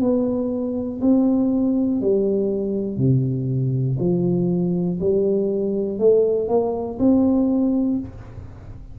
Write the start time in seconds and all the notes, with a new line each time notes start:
0.00 B3
1.01 C4
2.01 G3
2.97 C3
4.00 F3
5.00 G3
5.99 A3
6.48 A#3
7.00 C4